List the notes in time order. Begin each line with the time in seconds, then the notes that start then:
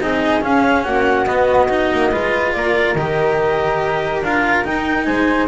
0.00 C4 D#4 G#4 D#5
0.41 C#4 F5
0.83 A#3 F#4 F#5
1.25 B3 D#5
1.69 D#4
1.92 A#3
2.11 G#3 F4 B4
2.52 A#3 A#4 D5
2.95 D#3 G4 D#5
4.21 D4 F4 F5
4.64 D#4 G5
5.04 G#3 C5 G#5